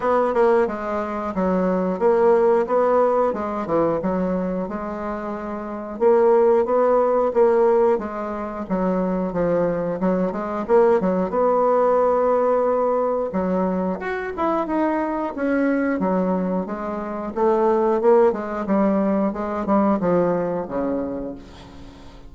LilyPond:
\new Staff \with { instrumentName = "bassoon" } { \time 4/4 \tempo 4 = 90 b8 ais8 gis4 fis4 ais4 | b4 gis8 e8 fis4 gis4~ | gis4 ais4 b4 ais4 | gis4 fis4 f4 fis8 gis8 |
ais8 fis8 b2. | fis4 fis'8 e'8 dis'4 cis'4 | fis4 gis4 a4 ais8 gis8 | g4 gis8 g8 f4 cis4 | }